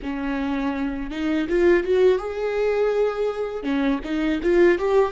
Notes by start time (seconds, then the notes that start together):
0.02 C#4
1.10 D#4
1.49 F4
1.83 F#4
2.18 G#4
3.63 C#4
4.03 D#4
4.43 F4
4.78 G4